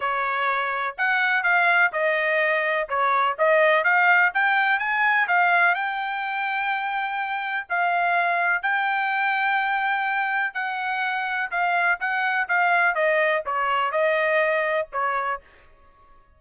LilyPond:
\new Staff \with { instrumentName = "trumpet" } { \time 4/4 \tempo 4 = 125 cis''2 fis''4 f''4 | dis''2 cis''4 dis''4 | f''4 g''4 gis''4 f''4 | g''1 |
f''2 g''2~ | g''2 fis''2 | f''4 fis''4 f''4 dis''4 | cis''4 dis''2 cis''4 | }